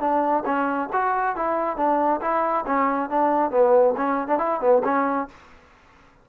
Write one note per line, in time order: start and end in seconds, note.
0.00 0.44 D4
0.45 0.89 C#4
0.93 1.36 F#4
1.36 1.77 E4
1.77 2.21 D4
2.21 2.65 E4
2.66 3.10 C#4
3.10 3.51 D4
3.51 3.95 B3
3.97 4.28 C#4
4.28 4.39 D4
4.39 4.60 E4
4.60 4.82 B3
4.84 5.28 C#4